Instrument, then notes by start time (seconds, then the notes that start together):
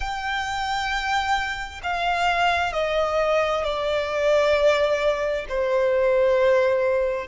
violin
0.00 G5
1.83 F5
2.73 D#5
3.64 D5
5.48 C5